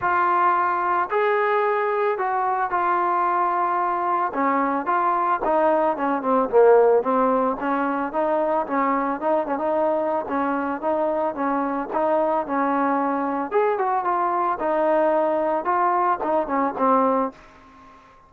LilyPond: \new Staff \with { instrumentName = "trombone" } { \time 4/4 \tempo 4 = 111 f'2 gis'2 | fis'4 f'2. | cis'4 f'4 dis'4 cis'8 c'8 | ais4 c'4 cis'4 dis'4 |
cis'4 dis'8 cis'16 dis'4~ dis'16 cis'4 | dis'4 cis'4 dis'4 cis'4~ | cis'4 gis'8 fis'8 f'4 dis'4~ | dis'4 f'4 dis'8 cis'8 c'4 | }